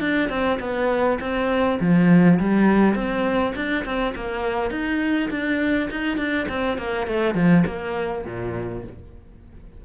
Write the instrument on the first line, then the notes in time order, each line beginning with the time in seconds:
cello
0.00 D4
0.30 C4
0.60 B3
1.21 C4
1.80 F3
2.40 G3
2.95 C4
3.56 D4
3.85 C4
4.16 A#3
4.71 D#4
5.30 D4
5.91 D#4
6.18 D4
6.49 C4
6.78 A#3
7.07 A3
7.35 F3
7.67 A#3
8.25 A#2